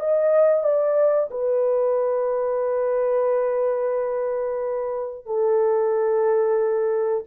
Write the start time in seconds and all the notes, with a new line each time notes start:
0.00 D#5
0.64 D5
1.31 B4
5.26 A4